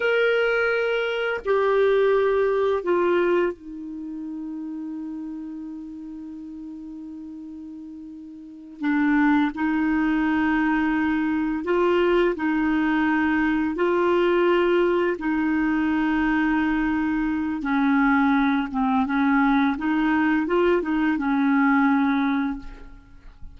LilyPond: \new Staff \with { instrumentName = "clarinet" } { \time 4/4 \tempo 4 = 85 ais'2 g'2 | f'4 dis'2.~ | dis'1~ | dis'8 d'4 dis'2~ dis'8~ |
dis'8 f'4 dis'2 f'8~ | f'4. dis'2~ dis'8~ | dis'4 cis'4. c'8 cis'4 | dis'4 f'8 dis'8 cis'2 | }